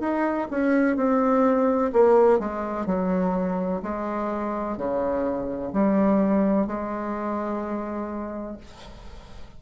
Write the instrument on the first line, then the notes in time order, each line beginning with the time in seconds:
bassoon
0.00 D#4
0.51 C#4
0.96 C4
1.93 A#3
2.39 G#3
2.86 F#3
3.82 G#3
4.77 C#3
5.73 G3
6.67 G#3